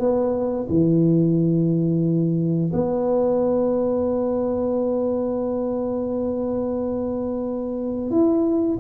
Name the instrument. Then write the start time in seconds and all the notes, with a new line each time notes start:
tuba
0.00 B3
0.70 E3
2.73 B3
8.11 E4